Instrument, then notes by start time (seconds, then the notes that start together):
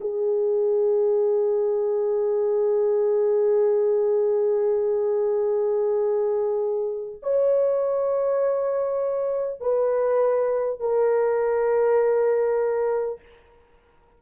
horn
0.00 G#4
7.22 C#5
9.61 B4
10.79 A#4